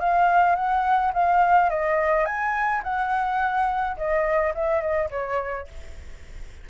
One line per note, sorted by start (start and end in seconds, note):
0.00 0.56 F5
0.56 1.12 F#5
1.14 1.70 F5
1.70 2.26 D#5
2.26 2.82 G#5
2.84 3.97 F#5
3.97 4.54 D#5
4.55 4.81 E5
4.81 5.09 D#5
5.11 5.68 C#5